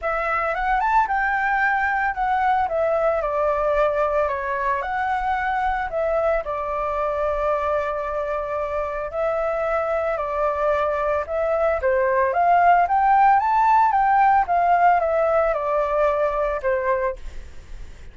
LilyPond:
\new Staff \with { instrumentName = "flute" } { \time 4/4 \tempo 4 = 112 e''4 fis''8 a''8 g''2 | fis''4 e''4 d''2 | cis''4 fis''2 e''4 | d''1~ |
d''4 e''2 d''4~ | d''4 e''4 c''4 f''4 | g''4 a''4 g''4 f''4 | e''4 d''2 c''4 | }